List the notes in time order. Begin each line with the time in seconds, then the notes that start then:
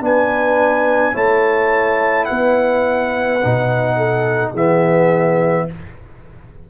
0.00 B3 D4 B4 G#5
1.13 A3 E4 C#5 A5
2.25 B3 B4 F#5
3.42 B2 D#4
3.96 A4
4.51 E3 B3 G#4 E5